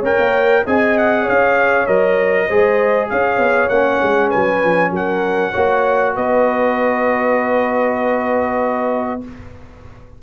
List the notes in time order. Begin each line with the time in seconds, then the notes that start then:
0.00 C#4 A#4 C#5 G5
0.19 A#3
0.66 C4 G#4 D#5 G#5
0.98 F#5
1.24 C#4 C#5 F5
1.87 F#3 A#4 D#5
2.47 G#3 G#4 C5
3.10 C#4 C#5 F5
3.38 B3
3.69 A#3 C#4 F#5
4.03 G#3
4.29 B4 G#5
4.36 F#3
4.64 F3
4.91 F#3 A#4 F#5
5.51 A#3 F#4 C#5
6.15 B3 B4 D#5